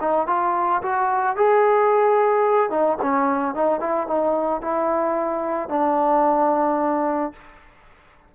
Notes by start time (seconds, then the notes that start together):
0.00 D#4
0.27 F4
0.82 F#4
1.36 G#4
2.70 D#4
3.02 C#4
3.54 D#4
3.80 E4
4.07 D#4
4.61 E4
5.69 D4